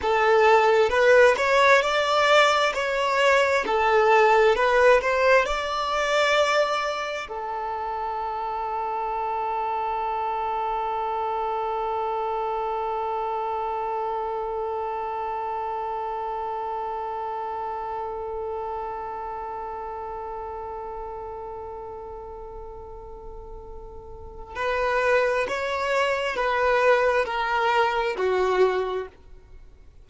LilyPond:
\new Staff \with { instrumentName = "violin" } { \time 4/4 \tempo 4 = 66 a'4 b'8 cis''8 d''4 cis''4 | a'4 b'8 c''8 d''2 | a'1~ | a'1~ |
a'1~ | a'1~ | a'2. b'4 | cis''4 b'4 ais'4 fis'4 | }